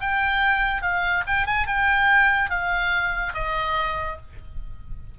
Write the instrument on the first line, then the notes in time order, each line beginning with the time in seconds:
oboe
0.00 G5
0.82 F5
1.27 G5
1.46 G#5
1.66 G5
2.50 F5
3.33 D#5